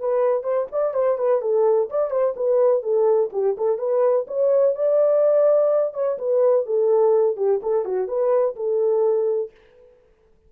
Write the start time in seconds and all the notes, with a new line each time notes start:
0.00 B4
0.43 C5
0.72 D5
0.94 C5
1.18 B4
1.42 A4
1.90 D5
2.11 C5
2.36 B4
2.83 A4
3.33 G4
3.58 A4
3.79 B4
4.27 C#5
4.75 D5
5.94 C#5
6.18 B4
6.66 A4
7.37 G4
7.63 A4
7.85 F#4
8.08 B4
8.56 A4